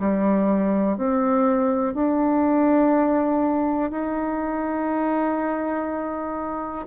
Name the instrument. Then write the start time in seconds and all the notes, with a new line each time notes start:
bassoon
0.00 G3
0.97 C4
1.94 D4
3.91 D#4